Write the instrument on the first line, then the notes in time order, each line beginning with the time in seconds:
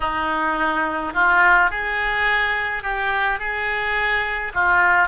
oboe
0.00 D#4
1.13 F4
1.70 G#4
2.83 G4
3.39 G#4
4.53 F4